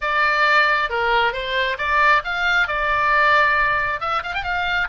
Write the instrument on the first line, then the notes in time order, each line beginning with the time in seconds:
oboe
0.01 D5
0.89 A#4
1.32 C5
1.78 D5
2.24 F5
2.67 D5
4.00 E5
4.23 F5
4.34 G5
4.43 F5